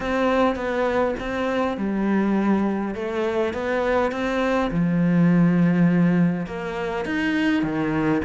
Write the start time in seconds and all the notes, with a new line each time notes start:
0.00 C4
0.55 B3
1.19 C4
1.77 G3
2.94 A3
3.53 B3
4.11 C4
4.71 F3
6.46 A#3
7.05 D#4
7.62 D#3